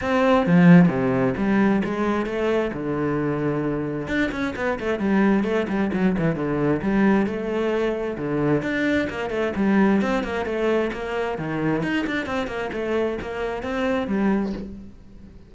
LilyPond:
\new Staff \with { instrumentName = "cello" } { \time 4/4 \tempo 4 = 132 c'4 f4 c4 g4 | gis4 a4 d2~ | d4 d'8 cis'8 b8 a8 g4 | a8 g8 fis8 e8 d4 g4 |
a2 d4 d'4 | ais8 a8 g4 c'8 ais8 a4 | ais4 dis4 dis'8 d'8 c'8 ais8 | a4 ais4 c'4 g4 | }